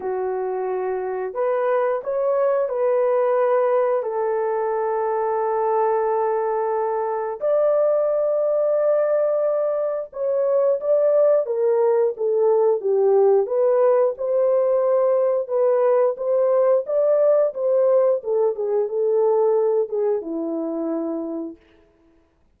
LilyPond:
\new Staff \with { instrumentName = "horn" } { \time 4/4 \tempo 4 = 89 fis'2 b'4 cis''4 | b'2 a'2~ | a'2. d''4~ | d''2. cis''4 |
d''4 ais'4 a'4 g'4 | b'4 c''2 b'4 | c''4 d''4 c''4 a'8 gis'8 | a'4. gis'8 e'2 | }